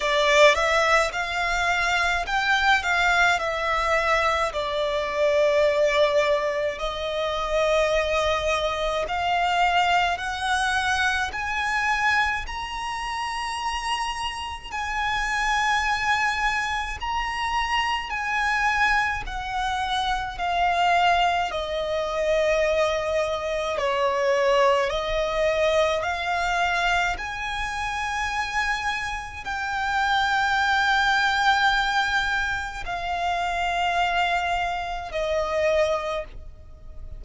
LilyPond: \new Staff \with { instrumentName = "violin" } { \time 4/4 \tempo 4 = 53 d''8 e''8 f''4 g''8 f''8 e''4 | d''2 dis''2 | f''4 fis''4 gis''4 ais''4~ | ais''4 gis''2 ais''4 |
gis''4 fis''4 f''4 dis''4~ | dis''4 cis''4 dis''4 f''4 | gis''2 g''2~ | g''4 f''2 dis''4 | }